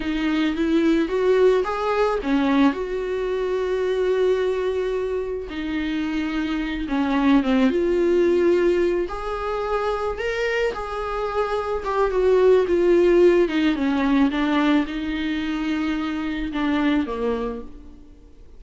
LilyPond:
\new Staff \with { instrumentName = "viola" } { \time 4/4 \tempo 4 = 109 dis'4 e'4 fis'4 gis'4 | cis'4 fis'2.~ | fis'2 dis'2~ | dis'8 cis'4 c'8 f'2~ |
f'8 gis'2 ais'4 gis'8~ | gis'4. g'8 fis'4 f'4~ | f'8 dis'8 cis'4 d'4 dis'4~ | dis'2 d'4 ais4 | }